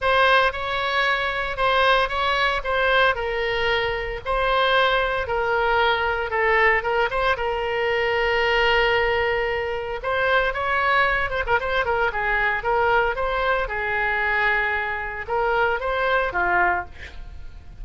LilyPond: \new Staff \with { instrumentName = "oboe" } { \time 4/4 \tempo 4 = 114 c''4 cis''2 c''4 | cis''4 c''4 ais'2 | c''2 ais'2 | a'4 ais'8 c''8 ais'2~ |
ais'2. c''4 | cis''4. c''16 ais'16 c''8 ais'8 gis'4 | ais'4 c''4 gis'2~ | gis'4 ais'4 c''4 f'4 | }